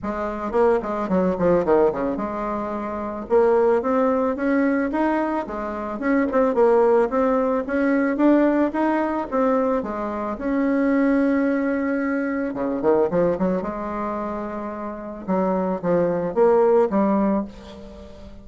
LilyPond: \new Staff \with { instrumentName = "bassoon" } { \time 4/4 \tempo 4 = 110 gis4 ais8 gis8 fis8 f8 dis8 cis8 | gis2 ais4 c'4 | cis'4 dis'4 gis4 cis'8 c'8 | ais4 c'4 cis'4 d'4 |
dis'4 c'4 gis4 cis'4~ | cis'2. cis8 dis8 | f8 fis8 gis2. | fis4 f4 ais4 g4 | }